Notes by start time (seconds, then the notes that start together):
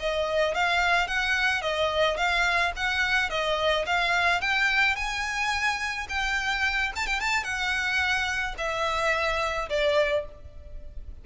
0.00 D#5
0.55 F5
1.07 F#5
1.62 D#5
2.17 F5
2.76 F#5
3.30 D#5
3.86 F5
4.41 G5
4.96 G#5
6.09 G5
6.96 A5
7.07 G5
7.20 A5
7.44 F#5
8.58 E5
9.69 D5